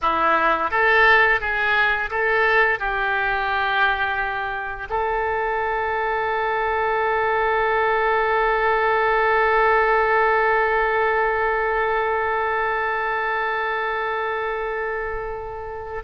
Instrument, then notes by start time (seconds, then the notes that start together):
oboe
0.01 E4
0.70 A4
1.40 G#4
2.10 A4
2.79 G4
4.89 A4